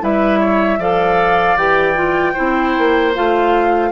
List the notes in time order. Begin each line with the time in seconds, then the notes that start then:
0.00 G3 E4 B4 E5
0.39 C#5
0.78 F3 A4 D5 F5
1.55 E3 G4 G5
1.95 F4
2.33 C4 E4 C5
2.77 A#3
3.14 A3 F4 F5